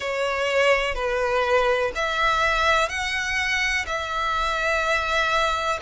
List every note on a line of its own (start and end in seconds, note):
0.00 0.94 C#5
0.94 1.91 B4
1.95 2.88 E5
2.88 3.85 F#5
3.85 5.79 E5